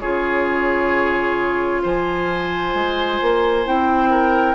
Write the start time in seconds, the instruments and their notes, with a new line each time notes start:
0.00 bassoon C#3, clarinet F4, oboe G#4, flute C#5
1.83 bassoon F3, oboe C5, flute G#5
2.74 bassoon G#3
3.21 bassoon A#3
3.65 bassoon C4, clarinet E4, flute G5
4.11 oboe A#4